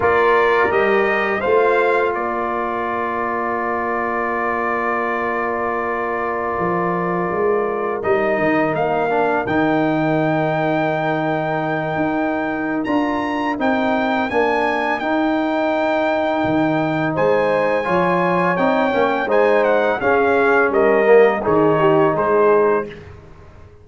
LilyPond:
<<
  \new Staff \with { instrumentName = "trumpet" } { \time 4/4 \tempo 4 = 84 d''4 dis''4 f''4 d''4~ | d''1~ | d''2.~ d''16 dis''8.~ | dis''16 f''4 g''2~ g''8.~ |
g''2 ais''4 g''4 | gis''4 g''2. | gis''2 g''4 gis''8 fis''8 | f''4 dis''4 cis''4 c''4 | }
  \new Staff \with { instrumentName = "horn" } { \time 4/4 ais'2 c''4 ais'4~ | ais'1~ | ais'1~ | ais'1~ |
ais'1~ | ais'1 | c''4 cis''2 c''4 | gis'4 ais'4 gis'8 g'8 gis'4 | }
  \new Staff \with { instrumentName = "trombone" } { \time 4/4 f'4 g'4 f'2~ | f'1~ | f'2.~ f'16 dis'8.~ | dis'8. d'8 dis'2~ dis'8.~ |
dis'2 f'4 dis'4 | d'4 dis'2.~ | dis'4 f'4 dis'8 cis'8 dis'4 | cis'4. ais8 dis'2 | }
  \new Staff \with { instrumentName = "tuba" } { \time 4/4 ais4 g4 a4 ais4~ | ais1~ | ais4~ ais16 f4 gis4 g8 dis16~ | dis16 ais4 dis2~ dis8.~ |
dis8. dis'4~ dis'16 d'4 c'4 | ais4 dis'2 dis4 | gis4 f4 c'8 ais8 gis4 | cis'4 g4 dis4 gis4 | }
>>